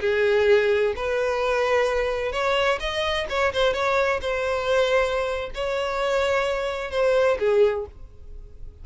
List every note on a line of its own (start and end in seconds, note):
0.00 0.94 G#4
0.96 2.32 B4
2.32 2.79 C#5
2.80 3.27 D#5
3.29 3.53 C#5
3.53 3.73 C5
3.73 4.20 C#5
4.21 5.50 C5
5.54 6.91 C#5
6.91 7.38 C5
7.39 7.86 G#4